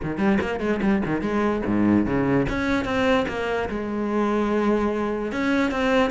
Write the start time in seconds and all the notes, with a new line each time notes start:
0.02 D#3
0.18 G3
0.41 A#3
0.60 G#3
0.82 G3
1.05 D#3
1.21 G#3
1.66 G#2
2.06 C#3
2.49 C#4
2.84 C4
3.28 A#3
3.69 G#3
5.32 C#4
5.71 C4